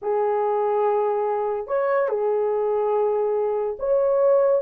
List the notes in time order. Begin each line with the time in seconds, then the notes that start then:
0.02 G#4
1.67 C#5
2.09 G#4
3.79 C#5